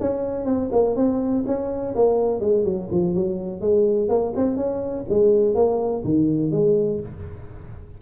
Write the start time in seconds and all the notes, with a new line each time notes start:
0.00 C#4
0.45 C4
0.72 A#3
0.96 C4
1.46 C#4
1.95 A#3
2.40 G#3
2.64 F#3
2.91 F3
3.14 F#3
3.61 G#3
4.09 A#3
4.36 C4
4.56 C#4
5.09 G#3
5.54 A#3
6.04 D#3
6.51 G#3